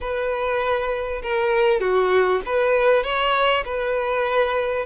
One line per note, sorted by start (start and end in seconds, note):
0.01 1.22 B4
1.22 1.80 A#4
1.80 2.41 F#4
2.45 3.03 B4
3.03 3.64 C#5
3.64 4.85 B4